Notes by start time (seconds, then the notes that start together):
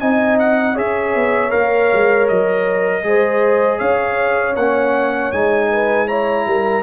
0.00 C4 D#4 D#5 G#5
0.39 F#5
0.74 C#4 G#4 C#5 E5
1.15 B3
1.50 A#3 A#4 F5
1.93 G#3
2.28 F#3 D#5
3.03 G#3 G#4 C5
3.79 C#4 C#5 F5
4.56 A#3 C#4 F#5
5.32 G#3 D#4 G#5
5.72 B4
6.08 E4 C#5 A#5
6.46 G3 A#4